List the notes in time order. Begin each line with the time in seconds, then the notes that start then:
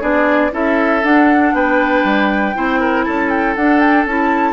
0.00 B3 D4 G#4 D5
0.51 C#4 E4 A4 E5
1.03 D4 F#5
1.53 B3 B4 G5
2.04 G3
2.55 C4 E4 C5
2.80 A#4
3.04 C#4 A4 A5
3.30 G5
3.55 D4 F#5
3.80 G5
4.05 C#4 E4 A5